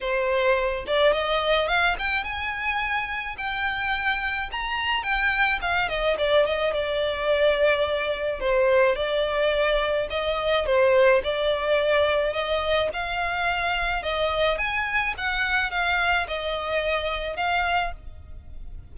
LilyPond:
\new Staff \with { instrumentName = "violin" } { \time 4/4 \tempo 4 = 107 c''4. d''8 dis''4 f''8 g''8 | gis''2 g''2 | ais''4 g''4 f''8 dis''8 d''8 dis''8 | d''2. c''4 |
d''2 dis''4 c''4 | d''2 dis''4 f''4~ | f''4 dis''4 gis''4 fis''4 | f''4 dis''2 f''4 | }